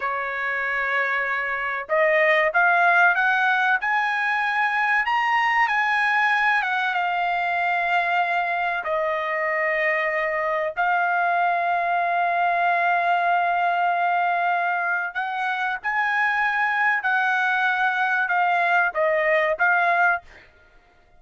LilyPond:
\new Staff \with { instrumentName = "trumpet" } { \time 4/4 \tempo 4 = 95 cis''2. dis''4 | f''4 fis''4 gis''2 | ais''4 gis''4. fis''8 f''4~ | f''2 dis''2~ |
dis''4 f''2.~ | f''1 | fis''4 gis''2 fis''4~ | fis''4 f''4 dis''4 f''4 | }